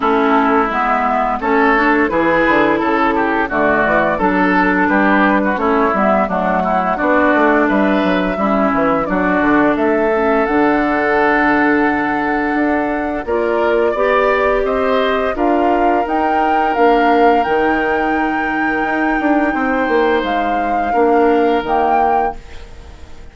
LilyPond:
<<
  \new Staff \with { instrumentName = "flute" } { \time 4/4 \tempo 4 = 86 a'4 e''4 cis''4 b'4 | a'4 d''4 a'4 b'4 | cis''8 e''8 fis''4 d''4 e''4~ | e''4 d''4 e''4 fis''4~ |
fis''2. d''4~ | d''4 dis''4 f''4 g''4 | f''4 g''2.~ | g''4 f''2 g''4 | }
  \new Staff \with { instrumentName = "oboe" } { \time 4/4 e'2 a'4 gis'4 | a'8 g'8 fis'4 a'4 g'8. fis'16 | e'4 d'8 e'8 fis'4 b'4 | e'4 fis'4 a'2~ |
a'2. ais'4 | d''4 c''4 ais'2~ | ais'1 | c''2 ais'2 | }
  \new Staff \with { instrumentName = "clarinet" } { \time 4/4 cis'4 b4 cis'8 d'8 e'4~ | e'4 a4 d'2 | cis'8 b8 a4 d'2 | cis'4 d'4. cis'8 d'4~ |
d'2. f'4 | g'2 f'4 dis'4 | d'4 dis'2.~ | dis'2 d'4 ais4 | }
  \new Staff \with { instrumentName = "bassoon" } { \time 4/4 a4 gis4 a4 e8 d8 | cis4 d8 e8 fis4 g4 | a8 g8 fis4 b8 a8 g8 fis8 | g8 e8 fis8 d8 a4 d4~ |
d2 d'4 ais4 | b4 c'4 d'4 dis'4 | ais4 dis2 dis'8 d'8 | c'8 ais8 gis4 ais4 dis4 | }
>>